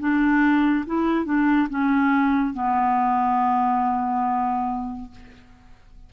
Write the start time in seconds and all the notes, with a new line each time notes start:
0.00 D4
0.86 E4
1.25 D4
1.70 C#4
2.54 B3